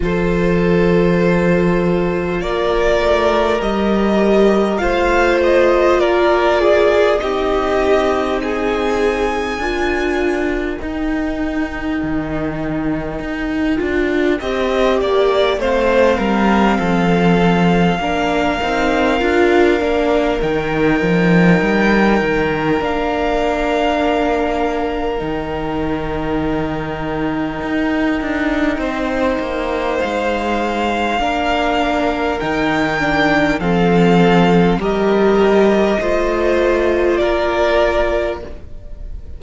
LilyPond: <<
  \new Staff \with { instrumentName = "violin" } { \time 4/4 \tempo 4 = 50 c''2 d''4 dis''4 | f''8 dis''8 d''4 dis''4 gis''4~ | gis''4 g''2.~ | g''4 f''2.~ |
f''4 g''2 f''4~ | f''4 g''2.~ | g''4 f''2 g''4 | f''4 dis''2 d''4 | }
  \new Staff \with { instrumentName = "violin" } { \time 4/4 a'2 ais'2 | c''4 ais'8 gis'8 g'4 gis'4 | ais'1 | dis''8 d''8 c''8 ais'8 a'4 ais'4~ |
ais'1~ | ais'1 | c''2 ais'2 | a'4 ais'4 c''4 ais'4 | }
  \new Staff \with { instrumentName = "viola" } { \time 4/4 f'2. g'4 | f'2 dis'2 | f'4 dis'2~ dis'8 f'8 | g'4 c'2 d'8 dis'8 |
f'8 d'8 dis'2 d'4~ | d'4 dis'2.~ | dis'2 d'4 dis'8 d'8 | c'4 g'4 f'2 | }
  \new Staff \with { instrumentName = "cello" } { \time 4/4 f2 ais8 a8 g4 | a4 ais4 c'2 | d'4 dis'4 dis4 dis'8 d'8 | c'8 ais8 a8 g8 f4 ais8 c'8 |
d'8 ais8 dis8 f8 g8 dis8 ais4~ | ais4 dis2 dis'8 d'8 | c'8 ais8 gis4 ais4 dis4 | f4 g4 a4 ais4 | }
>>